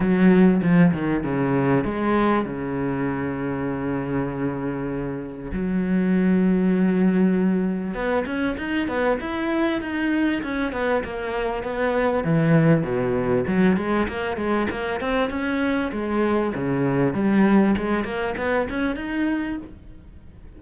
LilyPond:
\new Staff \with { instrumentName = "cello" } { \time 4/4 \tempo 4 = 98 fis4 f8 dis8 cis4 gis4 | cis1~ | cis4 fis2.~ | fis4 b8 cis'8 dis'8 b8 e'4 |
dis'4 cis'8 b8 ais4 b4 | e4 b,4 fis8 gis8 ais8 gis8 | ais8 c'8 cis'4 gis4 cis4 | g4 gis8 ais8 b8 cis'8 dis'4 | }